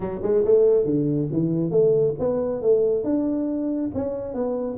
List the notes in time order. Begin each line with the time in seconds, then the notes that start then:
0.00 F#3
0.22 G#3
0.44 A3
0.85 D3
1.31 E3
1.70 A3
2.19 B3
2.61 A3
3.04 D4
3.94 C#4
4.33 B3